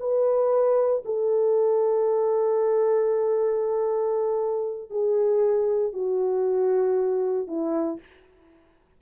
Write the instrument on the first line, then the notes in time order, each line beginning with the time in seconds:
horn
0.00 B4
1.05 A4
4.90 G#4
5.93 F#4
7.48 E4